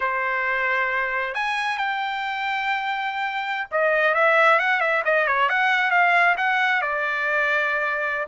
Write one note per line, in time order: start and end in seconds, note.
0.00 1.34 C5
1.34 1.77 G#5
1.77 3.67 G5
3.71 4.14 D#5
4.14 4.59 E5
4.59 4.80 F#5
4.80 5.03 E5
5.05 5.27 D#5
5.27 5.49 C#5
5.49 5.90 F#5
5.90 6.35 F5
6.37 6.81 F#5
6.81 8.27 D5